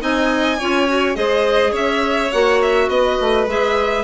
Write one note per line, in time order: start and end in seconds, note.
0.00 0.59 C4
0.00 0.58 D#4
0.00 0.59 D#5
0.00 1.16 G#5
0.59 1.16 C#4
0.59 0.88 F4
0.59 1.17 C#5
0.88 1.15 F#4
1.15 1.72 G#3
1.15 2.30 G#4
1.15 1.71 C5
1.15 1.73 D#5
1.71 2.30 C#4
1.71 2.87 C#5
1.71 2.32 E5
2.32 2.88 A#3
2.32 3.47 F#4
2.32 2.61 F#5
2.62 2.89 E5
2.88 3.17 B3
2.88 4.04 B4
2.88 3.47 D#5
3.20 3.47 A3
3.47 4.04 G#3
3.47 4.04 G#4
3.47 4.04 E5